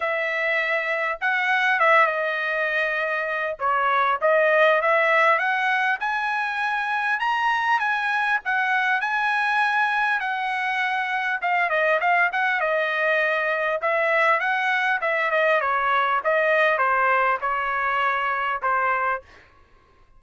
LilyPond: \new Staff \with { instrumentName = "trumpet" } { \time 4/4 \tempo 4 = 100 e''2 fis''4 e''8 dis''8~ | dis''2 cis''4 dis''4 | e''4 fis''4 gis''2 | ais''4 gis''4 fis''4 gis''4~ |
gis''4 fis''2 f''8 dis''8 | f''8 fis''8 dis''2 e''4 | fis''4 e''8 dis''8 cis''4 dis''4 | c''4 cis''2 c''4 | }